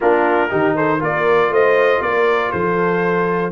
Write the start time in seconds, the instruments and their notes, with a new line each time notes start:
0.00 tuba A#3, trombone D4, horn F4, trumpet A#4
0.49 tuba D#3, trombone D#4, horn G4
0.76 horn A4, trumpet C5
0.99 tuba A#3, trombone F4, horn A#4, trumpet D5
1.49 tuba A3, horn C5, trumpet D#5
2.01 tuba A#3, horn A#4, trumpet D5
2.51 tuba F3, horn A4, trumpet C5